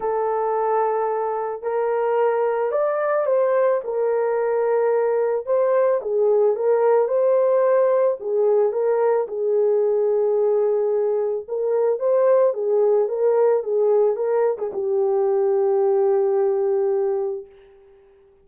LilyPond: \new Staff \with { instrumentName = "horn" } { \time 4/4 \tempo 4 = 110 a'2. ais'4~ | ais'4 d''4 c''4 ais'4~ | ais'2 c''4 gis'4 | ais'4 c''2 gis'4 |
ais'4 gis'2.~ | gis'4 ais'4 c''4 gis'4 | ais'4 gis'4 ais'8. gis'16 g'4~ | g'1 | }